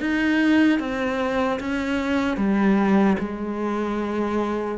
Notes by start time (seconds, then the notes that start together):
0.00 D#4
0.79 C4
1.60 C#4
2.37 G3
3.19 G#3